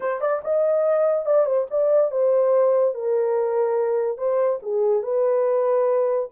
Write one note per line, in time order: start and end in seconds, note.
0.00 0.21 C5
0.21 0.42 D5
0.43 1.25 D#5
1.25 1.45 D5
1.45 1.66 C5
1.70 2.11 D5
2.11 2.94 C5
2.94 4.17 A#4
4.17 4.59 C5
4.62 5.02 G#4
5.02 6.28 B4